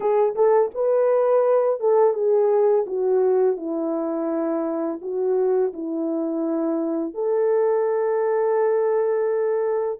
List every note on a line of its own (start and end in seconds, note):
0.00 0.34 G#4
0.35 0.70 A4
0.74 1.80 B4
1.80 2.13 A4
2.13 2.85 G#4
2.86 3.56 F#4
3.56 4.99 E4
5.01 5.72 F#4
5.73 7.14 E4
7.14 9.99 A4